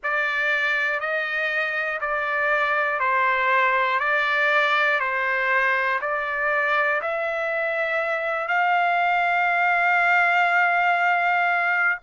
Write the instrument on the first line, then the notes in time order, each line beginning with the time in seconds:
trumpet
0.03 D5
1.00 D#5
2.00 D5
3.00 C5
4.00 D5
4.99 C5
6.00 D5
7.01 E5
8.47 F5